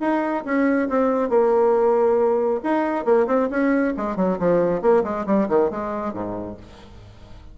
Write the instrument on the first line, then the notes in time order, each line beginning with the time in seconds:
bassoon
0.00 D#4
0.45 C#4
0.89 C4
1.29 A#3
2.63 D#4
3.05 A#3
3.27 C4
3.50 C#4
3.97 G#3
4.16 F#3
4.39 F3
4.82 A#3
5.04 G#3
5.26 G3
5.49 D#3
5.71 G#3
6.13 G#2